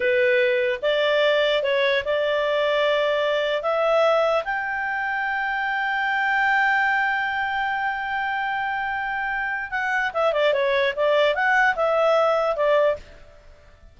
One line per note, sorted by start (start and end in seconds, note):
0.00 0.79 B4
0.82 1.63 D5
1.63 2.03 C#5
2.04 3.62 D5
3.62 4.43 E5
4.44 9.71 G5
9.71 10.11 F#5
10.13 10.32 E5
10.32 10.53 D5
10.53 10.93 C#5
10.96 11.34 D5
11.34 11.75 F#5
11.75 12.55 E5
12.55 12.96 D5